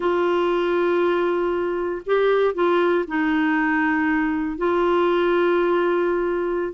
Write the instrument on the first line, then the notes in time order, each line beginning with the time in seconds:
clarinet
0.00 F4
2.05 G4
2.54 F4
3.07 D#4
4.57 F4